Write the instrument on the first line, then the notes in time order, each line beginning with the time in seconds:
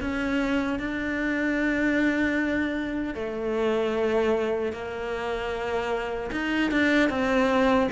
cello
0.00 C#4
0.79 D4
3.14 A3
4.72 A#3
6.31 D#4
6.71 D4
7.09 C4